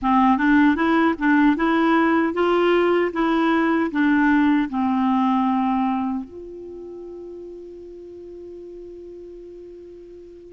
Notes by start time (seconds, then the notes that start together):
0.01 C4
0.37 D4
0.75 E4
1.18 D4
1.56 E4
2.33 F4
3.12 E4
3.91 D4
4.69 C4
6.24 F4